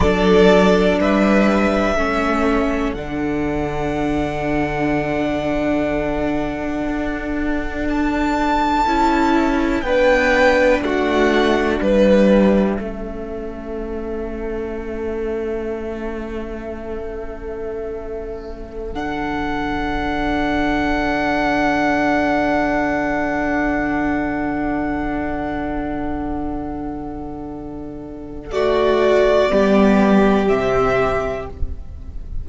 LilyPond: <<
  \new Staff \with { instrumentName = "violin" } { \time 4/4 \tempo 4 = 61 d''4 e''2 fis''4~ | fis''1 | a''2 g''4 fis''4 | e''1~ |
e''2.~ e''16 fis''8.~ | fis''1~ | fis''1~ | fis''4 d''2 e''4 | }
  \new Staff \with { instrumentName = "violin" } { \time 4/4 a'4 b'4 a'2~ | a'1~ | a'2 b'4 fis'4 | b'4 a'2.~ |
a'1~ | a'1~ | a'1~ | a'4 fis'4 g'2 | }
  \new Staff \with { instrumentName = "viola" } { \time 4/4 d'2 cis'4 d'4~ | d'1~ | d'4 e'4 d'2~ | d'4 cis'2.~ |
cis'2.~ cis'16 d'8.~ | d'1~ | d'1~ | d'4 a4 b4 c'4 | }
  \new Staff \with { instrumentName = "cello" } { \time 4/4 fis4 g4 a4 d4~ | d2. d'4~ | d'4 cis'4 b4 a4 | g4 a2.~ |
a2.~ a16 d8.~ | d1~ | d1~ | d2 g4 c4 | }
>>